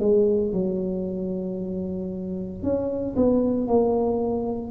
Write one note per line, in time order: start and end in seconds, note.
0.00 0.53 G#3
0.53 2.63 F#3
2.63 3.16 C#4
3.16 3.67 B3
3.67 4.72 A#3